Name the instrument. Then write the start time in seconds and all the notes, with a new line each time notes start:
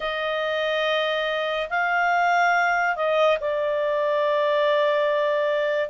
clarinet
0.00 D#5
1.69 F5
2.95 D#5
3.40 D5